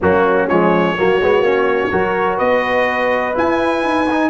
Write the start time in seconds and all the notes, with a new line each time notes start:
0.00 F#3 A#3 C#4 F#4
0.48 F3 G#3 C#5
0.96 F#3 A#3 F#4
1.20 G#3 B3
1.40 A#3 C#4
1.90 F#3 F#4 A#4
2.37 B3 B4 D#5
3.34 E4 G#5
3.84 D#4
4.10 D#4